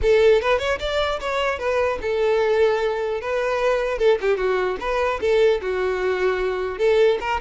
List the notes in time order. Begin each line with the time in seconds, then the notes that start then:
0.01 A4
0.41 B4
0.58 C#5
0.79 D5
1.20 C#5
1.58 B4
2.01 A4
3.20 B4
3.98 A4
4.21 G4
4.37 F#4
4.80 B4
5.21 A4
5.61 F#4
6.78 A4
7.20 A#4